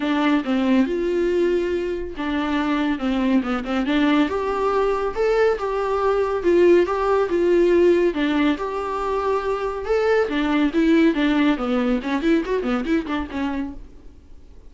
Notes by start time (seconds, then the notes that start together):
0.00 D4
0.44 C4
0.86 F4
2.17 D4
2.98 C4
3.42 B3
3.64 C4
3.86 D4
4.28 G4
5.15 A4
5.58 G4
6.43 F4
6.86 G4
7.29 F4
8.14 D4
8.57 G4
9.85 A4
10.28 D4
10.73 E4
11.14 D4
11.57 B3
12.02 C#4
12.22 E4
12.45 F#4
12.63 B3
12.84 E4
13.06 D4
13.30 C#4